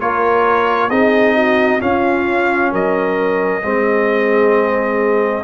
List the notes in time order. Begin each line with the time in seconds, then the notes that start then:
0.00 A#3 F4 A#4 C#5
0.90 C4 D#4 G#4 D#5
1.36 F#4
1.80 C#4 F4 F5
2.72 F#3 A#4 D#5
3.63 G#3 C4 G#4